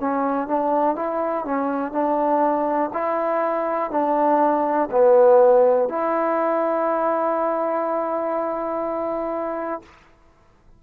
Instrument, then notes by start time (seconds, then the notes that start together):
trombone
0.00 C#4
0.47 D4
0.95 E4
1.45 C#4
1.92 D4
2.93 E4
3.91 D4
4.91 B3
5.88 E4